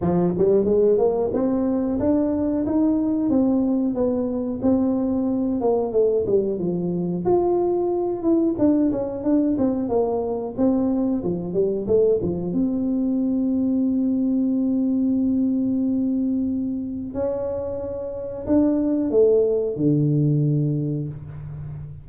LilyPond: \new Staff \with { instrumentName = "tuba" } { \time 4/4 \tempo 4 = 91 f8 g8 gis8 ais8 c'4 d'4 | dis'4 c'4 b4 c'4~ | c'8 ais8 a8 g8 f4 f'4~ | f'8 e'8 d'8 cis'8 d'8 c'8 ais4 |
c'4 f8 g8 a8 f8 c'4~ | c'1~ | c'2 cis'2 | d'4 a4 d2 | }